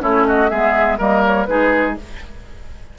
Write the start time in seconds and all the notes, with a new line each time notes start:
0.00 A3 C#4 E4 C#5
0.27 F#4 D#5
0.50 G#3 B3 G#4 E5
0.98 G3 A#3 A#4 D#5
1.25 C#5
1.45 G#3 D#4 G#4 B4